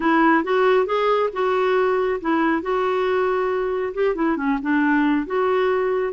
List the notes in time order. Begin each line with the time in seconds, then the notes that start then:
0.00 E4
0.43 F#4
0.85 G#4
1.32 F#4
2.20 E4
2.61 F#4
3.94 G4
4.15 E4
4.36 C#4
4.61 D4
5.26 F#4